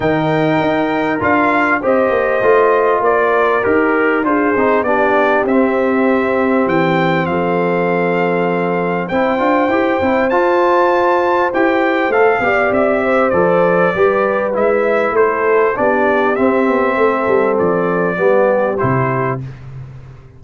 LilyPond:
<<
  \new Staff \with { instrumentName = "trumpet" } { \time 4/4 \tempo 4 = 99 g''2 f''4 dis''4~ | dis''4 d''4 ais'4 c''4 | d''4 e''2 g''4 | f''2. g''4~ |
g''4 a''2 g''4 | f''4 e''4 d''2 | e''4 c''4 d''4 e''4~ | e''4 d''2 c''4 | }
  \new Staff \with { instrumentName = "horn" } { \time 4/4 ais'2. c''4~ | c''4 ais'2 gis'4 | g'1 | a'2. c''4~ |
c''1~ | c''8 d''4 c''4. b'4~ | b'4 a'4 g'2 | a'2 g'2 | }
  \new Staff \with { instrumentName = "trombone" } { \time 4/4 dis'2 f'4 g'4 | f'2 g'4 f'8 dis'8 | d'4 c'2.~ | c'2. e'8 f'8 |
g'8 e'8 f'2 g'4 | a'8 g'4. a'4 g'4 | e'2 d'4 c'4~ | c'2 b4 e'4 | }
  \new Staff \with { instrumentName = "tuba" } { \time 4/4 dis4 dis'4 d'4 c'8 ais8 | a4 ais4 dis'4 d'8 c'8 | b4 c'2 e4 | f2. c'8 d'8 |
e'8 c'8 f'2 e'4 | a8 b8 c'4 f4 g4 | gis4 a4 b4 c'8 b8 | a8 g8 f4 g4 c4 | }
>>